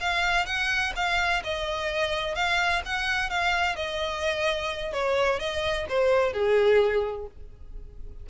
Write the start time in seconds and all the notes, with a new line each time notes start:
0.00 F5
0.45 F#5
0.95 F5
1.43 D#5
2.34 F5
2.85 F#5
3.29 F5
3.75 D#5
4.93 C#5
5.39 D#5
5.88 C5
6.33 G#4